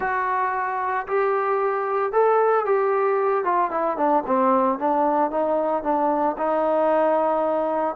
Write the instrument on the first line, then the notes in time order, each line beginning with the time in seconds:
trombone
0.00 F#4
1.07 G4
2.12 A4
2.65 G4
3.44 F4
3.70 E4
3.97 D4
4.26 C4
4.78 D4
5.30 D#4
5.83 D4
6.37 D#4